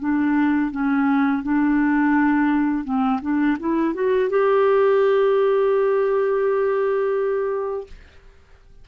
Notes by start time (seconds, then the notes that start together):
0.00 D4
0.71 C#4
1.43 D4
2.84 C4
3.22 D4
3.60 E4
3.94 F#4
4.30 G4